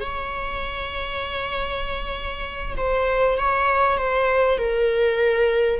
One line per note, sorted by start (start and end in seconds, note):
0.00 2.76 C#5
2.77 3.38 C5
3.38 3.97 C#5
3.97 4.58 C5
4.58 5.80 A#4